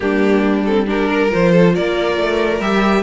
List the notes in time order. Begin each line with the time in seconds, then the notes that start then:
0.00 G3 A#3 D4 G4
0.65 C4 A4
0.86 D4 G4 A#4
1.08 A#4
1.29 F3 F4 C5
1.52 A4
1.75 A#3 A#4 D5
2.17 A3
2.60 G3 G4 E5